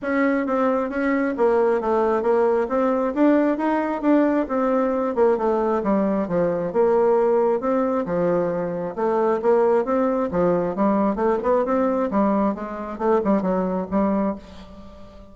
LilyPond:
\new Staff \with { instrumentName = "bassoon" } { \time 4/4 \tempo 4 = 134 cis'4 c'4 cis'4 ais4 | a4 ais4 c'4 d'4 | dis'4 d'4 c'4. ais8 | a4 g4 f4 ais4~ |
ais4 c'4 f2 | a4 ais4 c'4 f4 | g4 a8 b8 c'4 g4 | gis4 a8 g8 fis4 g4 | }